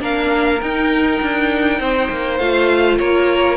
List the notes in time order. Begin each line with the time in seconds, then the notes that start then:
0.00 A#3 D4 A#4 F5
0.62 D#4 G5
1.22 D4
1.80 C4 C5
2.10 A#3
2.39 A3 F4 F5
2.98 A#3 A#4 C#5